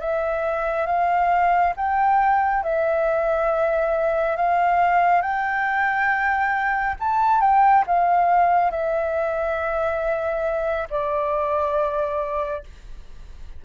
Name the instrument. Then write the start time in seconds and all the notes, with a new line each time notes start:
flute
0.00 E5
0.86 F5
1.76 G5
2.63 E5
4.36 F5
5.21 G5
7.00 A5
7.41 G5
7.87 F5
8.70 E5
10.90 D5